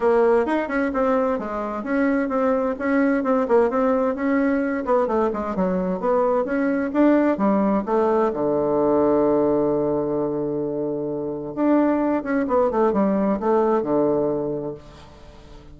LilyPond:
\new Staff \with { instrumentName = "bassoon" } { \time 4/4 \tempo 4 = 130 ais4 dis'8 cis'8 c'4 gis4 | cis'4 c'4 cis'4 c'8 ais8 | c'4 cis'4. b8 a8 gis8 | fis4 b4 cis'4 d'4 |
g4 a4 d2~ | d1~ | d4 d'4. cis'8 b8 a8 | g4 a4 d2 | }